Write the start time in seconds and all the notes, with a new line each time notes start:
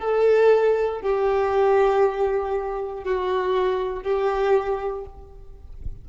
0.00 A4
1.02 G4
3.05 F#4
4.04 G4